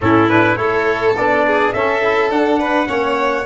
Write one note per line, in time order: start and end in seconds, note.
0.00 0.57 A2
0.00 0.28 C#4
0.00 0.59 E4
0.00 0.29 A4
0.28 0.56 D4
0.28 0.56 B4
0.56 1.15 A3
0.56 1.14 E4
0.56 1.45 A4
0.56 1.14 C#5
1.15 1.73 B3
1.15 1.74 D4
1.15 1.72 D5
1.46 1.74 G#4
1.72 2.30 C#4
1.72 2.02 C#4
1.72 2.59 A4
1.72 2.30 E5
2.02 2.30 E4
2.30 2.87 D4
2.30 2.86 D4
2.30 3.45 F#5
2.59 2.88 B4
2.86 3.45 A#3
2.86 3.44 C#4
2.86 3.45 C#5